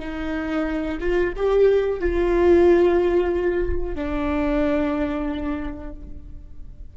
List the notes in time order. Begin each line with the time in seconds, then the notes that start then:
0.00 D#4
1.01 F4
1.37 G4
2.00 F4
3.96 D4